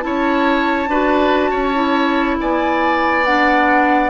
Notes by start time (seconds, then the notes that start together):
0.00 C#4 E4 C#5 A5
0.87 D4 F#4 B4
1.50 C#4 C#5
1.73 E4
2.40 B3 D5 G#5
3.24 D4 F#5